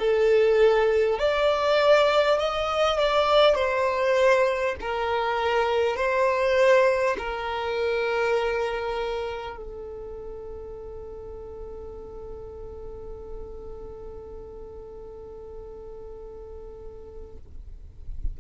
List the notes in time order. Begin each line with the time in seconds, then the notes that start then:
0.00 A4
1.19 D5
2.39 D#5
2.99 D5
3.56 C5
4.81 A#4
5.97 C5
7.19 A#4
9.57 A4